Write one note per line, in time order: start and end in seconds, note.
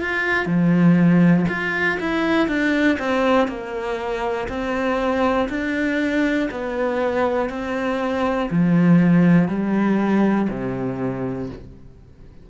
0.00 0.45 F4
0.45 1.45 F3
1.48 1.98 F4
2.00 2.47 E4
2.47 2.97 D4
2.99 3.47 C4
3.47 4.47 A#3
4.48 5.48 C4
5.49 6.49 D4
6.51 7.49 B3
7.49 8.49 C4
8.50 9.48 F3
9.48 10.48 G3
10.49 11.49 C3